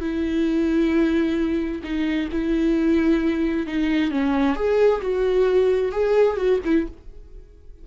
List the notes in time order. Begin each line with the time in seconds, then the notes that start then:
0.00 E4
1.83 D#4
2.32 E4
3.67 D#4
4.11 C#4
4.56 G#4
5.01 F#4
5.92 G#4
6.37 F#4
6.64 E4